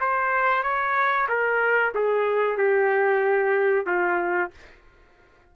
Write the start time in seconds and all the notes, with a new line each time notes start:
0.00 C5
0.63 C#5
1.28 A#4
1.94 G#4
2.57 G4
3.86 F4